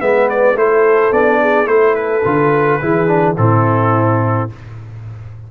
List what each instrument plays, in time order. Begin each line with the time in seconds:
0.00 tuba G#3, trombone B3, horn B4, trumpet E5
0.29 trumpet D5
0.55 tuba A3, trombone E4, horn A4, trumpet C5
1.12 tuba B3, trombone D4, trumpet D5
1.42 horn G#4
1.66 tuba A3, trombone E4, horn A4, trumpet C5
1.95 trumpet B4
2.25 tuba D3, trombone F4
2.82 tuba E3, trombone E4, horn G#4
3.08 trombone D4
3.38 tuba A2, trombone C4, horn E4, trumpet A4